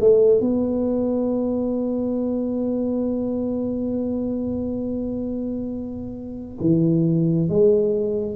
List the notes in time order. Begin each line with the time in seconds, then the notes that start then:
0.00 A3
0.40 B3
6.60 E3
7.49 G#3